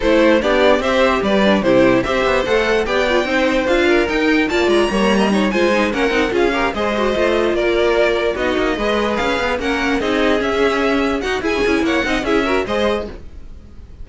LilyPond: <<
  \new Staff \with { instrumentName = "violin" } { \time 4/4 \tempo 4 = 147 c''4 d''4 e''4 d''4 | c''4 e''4 fis''4 g''4~ | g''4 f''4 g''4 a''8 ais''8~ | ais''4. gis''4 fis''4 f''8~ |
f''8 dis''2 d''4.~ | d''8 dis''2 f''4 fis''8~ | fis''8 dis''4 e''2 fis''8 | gis''4 fis''4 e''4 dis''4 | }
  \new Staff \with { instrumentName = "violin" } { \time 4/4 a'4 g'4 c''4 b'4 | g'4 c''2 d''4 | c''4. ais'4. d''4 | cis''8. dis''16 cis''8 c''4 ais'4 gis'8 |
ais'8 c''2 ais'4.~ | ais'8 fis'4 b'2 ais'8~ | ais'8 gis'2. fis'8 | gis'4 cis''8 dis''8 gis'8 ais'8 c''4 | }
  \new Staff \with { instrumentName = "viola" } { \time 4/4 e'4 d'4 g'4. d'8 | e'4 g'4 a'4 g'8 f'8 | dis'4 f'4 dis'4 f'4 | ais4 dis'8 f'8 dis'8 cis'8 dis'8 f'8 |
g'8 gis'8 fis'8 f'2~ f'8~ | f'8 dis'4 gis'2 cis'8~ | cis'8 dis'4 cis'2 dis'8 | e'16 cis'16 e'4 dis'8 e'8 fis'8 gis'4 | }
  \new Staff \with { instrumentName = "cello" } { \time 4/4 a4 b4 c'4 g4 | c4 c'8 b8 a4 b4 | c'4 d'4 dis'4 ais8 gis8 | g4. gis4 ais8 c'8 cis'8~ |
cis'8 gis4 a4 ais4.~ | ais8 b8 ais8 gis4 cis'8 b8 ais8~ | ais8 c'4 cis'2 dis'8 | e'8 cis'8 ais8 c'8 cis'4 gis4 | }
>>